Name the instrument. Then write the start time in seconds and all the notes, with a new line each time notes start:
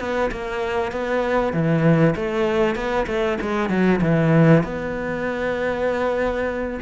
cello
0.00 B3
0.32 A#3
0.92 B3
1.53 E3
2.16 A3
2.76 B3
3.07 A3
3.42 G#3
3.69 F#3
4.01 E3
4.64 B3